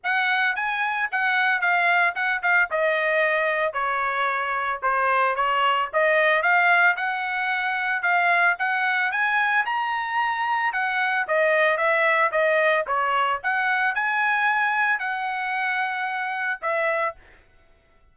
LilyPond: \new Staff \with { instrumentName = "trumpet" } { \time 4/4 \tempo 4 = 112 fis''4 gis''4 fis''4 f''4 | fis''8 f''8 dis''2 cis''4~ | cis''4 c''4 cis''4 dis''4 | f''4 fis''2 f''4 |
fis''4 gis''4 ais''2 | fis''4 dis''4 e''4 dis''4 | cis''4 fis''4 gis''2 | fis''2. e''4 | }